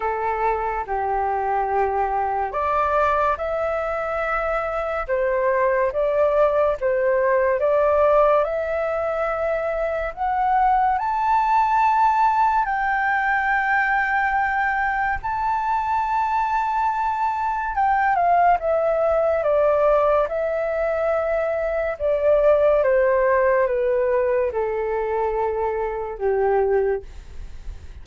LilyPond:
\new Staff \with { instrumentName = "flute" } { \time 4/4 \tempo 4 = 71 a'4 g'2 d''4 | e''2 c''4 d''4 | c''4 d''4 e''2 | fis''4 a''2 g''4~ |
g''2 a''2~ | a''4 g''8 f''8 e''4 d''4 | e''2 d''4 c''4 | b'4 a'2 g'4 | }